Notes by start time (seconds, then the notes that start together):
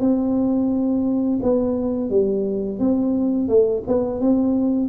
0.00 C4
1.42 B3
2.10 G3
2.79 C4
3.49 A3
3.87 B3
4.21 C4